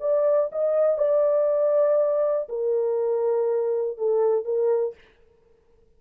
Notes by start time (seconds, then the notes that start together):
0.00 D5
0.52 D#5
0.98 D5
2.49 A#4
3.98 A4
4.45 A#4